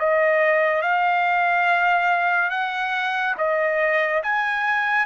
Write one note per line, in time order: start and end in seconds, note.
0.00 0.82 D#5
0.82 2.51 F5
2.51 3.35 F#5
3.38 4.23 D#5
4.23 5.06 G#5